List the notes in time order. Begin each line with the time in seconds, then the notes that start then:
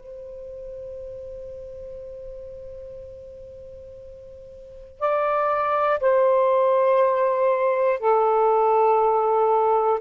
0.00 C5
5.00 D5
6.00 C5
8.00 A4